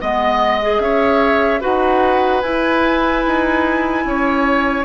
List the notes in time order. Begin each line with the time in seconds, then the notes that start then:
0.00 G#3 B3 D#5
0.61 G#4
0.79 C#4 C#5 E5
1.60 D#4 F#4 B4 F#5
2.41 E4 G#5
3.26 D#4
4.05 C#4 C#5